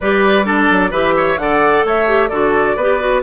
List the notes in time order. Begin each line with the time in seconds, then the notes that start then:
0.00 G3 G4 B4 D5
0.45 D4 A4
0.70 F#3
0.90 E3 G4 B4 E5
1.16 C#5
1.37 D3 A4 D5 F#5
1.84 A3 C#5 E5
2.06 G4
2.28 D3 F#4 A4 D5
2.76 B3 G4 B4
3.00 F#4